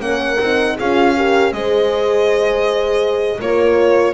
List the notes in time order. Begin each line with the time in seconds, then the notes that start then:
0.00 A#3 C#4 A#4 F#5
0.40 C4 D#4
0.76 C#4 F4 G#4 F5
1.17 G4 A#4
1.52 G#3 G#4 C5 D#5
3.40 A#3 F4 A#4 C#5